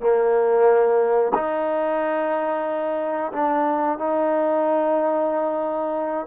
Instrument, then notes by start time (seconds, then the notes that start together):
trombone
0.00 A#3
1.34 D#4
3.32 D4
3.98 D#4